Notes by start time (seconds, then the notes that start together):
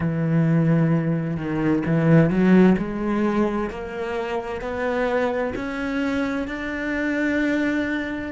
0.00 E3
1.36 D#3
1.86 E3
2.30 F#3
2.77 G#3
3.69 A#3
4.61 B3
5.55 C#4
6.47 D4